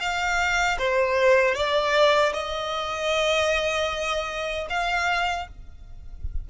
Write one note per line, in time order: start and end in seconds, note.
0.00 0.78 F5
0.79 1.55 C5
1.55 2.33 D5
2.33 4.67 D#5
4.70 5.48 F5